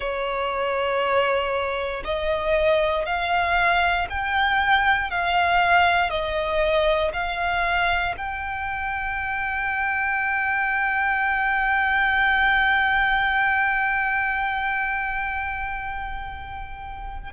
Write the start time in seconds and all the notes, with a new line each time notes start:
0.00 C#5
2.04 D#5
3.05 F5
4.09 G5
5.10 F5
6.10 D#5
7.13 F5
8.17 G5